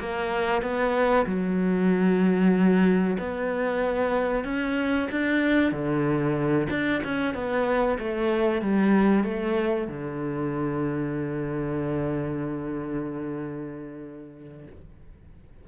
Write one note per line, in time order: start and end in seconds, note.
0.00 0.62 A#3
0.62 1.26 B3
1.26 3.18 F#3
3.19 4.45 B3
4.45 5.09 C#4
5.12 5.72 D4
5.72 6.68 D3
6.71 7.02 D4
7.04 7.35 C#4
7.35 7.98 B3
7.99 8.62 A3
8.62 9.24 G3
9.24 9.88 A3
9.88 14.67 D3